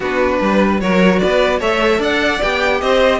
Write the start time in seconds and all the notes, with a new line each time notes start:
0.00 B3 D4 F#4 B4
0.41 G3 B4
0.80 F#3 F#4 A#4 C#5
1.19 B3 B4 D5
1.59 A3 A4 C#5 E5
1.99 D4 D5 F#5
2.41 B3 G4 G5
2.81 C4 C5 D#5